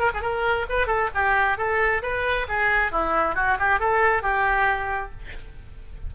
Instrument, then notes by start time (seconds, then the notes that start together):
oboe
0.00 A#4
0.14 G#4
0.22 A#4
0.69 B4
0.87 A4
1.15 G4
1.58 A4
2.03 B4
2.48 G#4
2.92 E4
3.36 F#4
3.59 G4
3.80 A4
4.23 G4